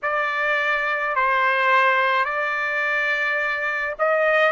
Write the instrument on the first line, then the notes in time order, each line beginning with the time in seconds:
trumpet
0.02 D5
1.15 C5
2.24 D5
3.98 D#5